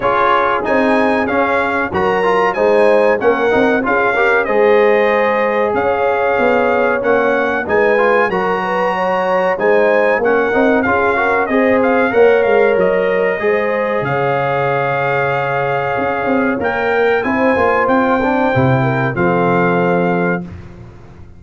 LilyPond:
<<
  \new Staff \with { instrumentName = "trumpet" } { \time 4/4 \tempo 4 = 94 cis''4 gis''4 f''4 ais''4 | gis''4 fis''4 f''4 dis''4~ | dis''4 f''2 fis''4 | gis''4 ais''2 gis''4 |
fis''4 f''4 dis''8 f''8 fis''8 f''8 | dis''2 f''2~ | f''2 g''4 gis''4 | g''2 f''2 | }
  \new Staff \with { instrumentName = "horn" } { \time 4/4 gis'2. ais'4 | c''4 ais'4 gis'8 ais'8 c''4~ | c''4 cis''2. | b'4 ais'8 b'8 cis''4 c''4 |
ais'4 gis'8 ais'8 c''4 cis''4~ | cis''4 c''4 cis''2~ | cis''2. c''4~ | c''4. ais'8 a'2 | }
  \new Staff \with { instrumentName = "trombone" } { \time 4/4 f'4 dis'4 cis'4 fis'8 f'8 | dis'4 cis'8 dis'8 f'8 g'8 gis'4~ | gis'2. cis'4 | dis'8 f'8 fis'2 dis'4 |
cis'8 dis'8 f'8 fis'8 gis'4 ais'4~ | ais'4 gis'2.~ | gis'2 ais'4 e'8 f'8~ | f'8 d'8 e'4 c'2 | }
  \new Staff \with { instrumentName = "tuba" } { \time 4/4 cis'4 c'4 cis'4 fis4 | gis4 ais8 c'8 cis'4 gis4~ | gis4 cis'4 b4 ais4 | gis4 fis2 gis4 |
ais8 c'8 cis'4 c'4 ais8 gis8 | fis4 gis4 cis2~ | cis4 cis'8 c'8 ais4 c'8 ais8 | c'4 c4 f2 | }
>>